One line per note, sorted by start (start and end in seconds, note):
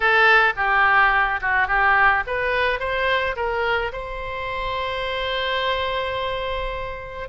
0.00 0.53 A4
0.56 1.40 G4
1.41 1.67 F#4
1.67 2.23 G4
2.27 2.79 B4
2.79 3.35 C5
3.35 3.92 A#4
3.92 7.28 C5